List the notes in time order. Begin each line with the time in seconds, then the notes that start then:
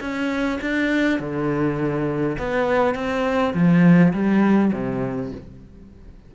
0.00 C#4
0.61 D4
1.19 D3
2.38 B3
2.95 C4
3.54 F3
4.13 G3
4.72 C3